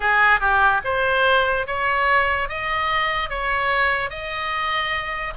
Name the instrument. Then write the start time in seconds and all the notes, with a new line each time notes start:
oboe
0.00 G#4
0.40 G4
0.84 C5
1.66 C#5
2.48 D#5
3.29 C#5
4.09 D#5